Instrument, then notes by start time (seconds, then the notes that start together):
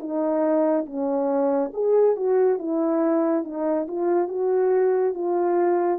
horn
0.00 D#4
0.86 C#4
1.74 G#4
2.16 F#4
2.59 E4
3.44 D#4
3.88 F4
4.29 F#4
5.15 F4